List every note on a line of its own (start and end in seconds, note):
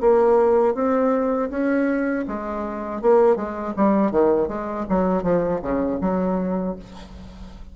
0.00 0.74 A#3
0.74 1.49 C4
1.50 2.25 C#4
2.27 3.01 G#3
3.01 3.35 A#3
3.35 3.73 G#3
3.76 4.11 G3
4.11 4.48 D#3
4.48 4.85 G#3
4.89 5.23 F#3
5.23 5.60 F3
5.61 5.99 C#3
6.01 6.76 F#3